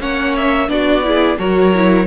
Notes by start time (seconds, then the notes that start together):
0.00 A#3 C#4 C#5 F#5
0.36 E5
0.68 B3 D4 F#4 D5
1.04 E4 G#4
1.39 F#3 F#4 A#4 C#5
1.74 E4